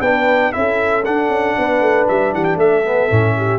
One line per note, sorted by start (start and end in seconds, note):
0.00 0.51 B3
0.00 0.52 D4
0.00 0.53 B4
0.00 0.52 G5
0.52 1.06 C#4
0.52 1.03 E4
0.52 1.58 A4
0.52 1.03 E5
1.04 2.85 D4
1.04 1.28 D4
1.04 2.07 F#5
1.28 1.54 C#4
1.58 1.80 B3
1.58 2.34 B4
1.80 2.06 A3
2.08 2.33 G3
2.08 2.33 E5
2.33 2.56 E3
2.33 2.57 G4
2.33 2.44 F#5
2.44 2.57 G5
2.56 3.07 A3
2.56 3.34 A4
2.56 3.59 E5
2.85 3.10 B3
3.10 3.59 A2
3.10 3.59 C#4
3.36 3.59 G4